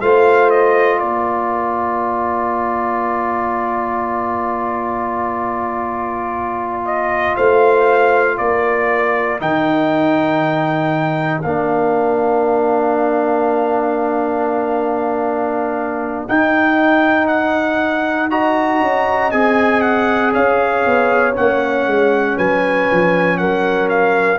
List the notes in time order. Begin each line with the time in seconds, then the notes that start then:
0.00 A3 F4 C5 F5
0.50 D#5
0.99 A#3 A#4 D5
6.85 D#5
7.36 A3 C5 F5
8.37 A#3 A#4 D5
9.39 D#3 D#4 G5
11.41 A#3 D4 F5
16.28 D#4 G5
17.27 F#5
18.29 F#4 D#5 A#5
18.80 C#4
19.31 C4 G#4 G#5
19.81 F#5
20.32 C#4 C#5 F5
20.85 B3
21.33 A#3 C#4 F#5
21.86 G#3
22.35 F#3 B4 G#5
22.91 F3
23.37 F#3 A#4 F#5
23.89 F5